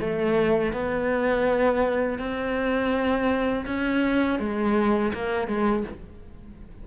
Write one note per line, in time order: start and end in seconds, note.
0.00 0.73 A3
0.73 2.19 B3
2.19 3.66 C4
3.66 4.39 C#4
4.39 5.13 G#3
5.14 5.48 A#3
5.48 5.84 G#3